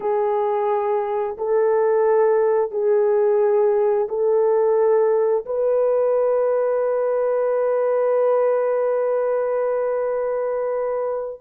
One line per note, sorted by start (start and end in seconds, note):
0.00 1.36 G#4
1.37 2.71 A4
2.71 4.07 G#4
4.08 5.45 A4
5.45 11.40 B4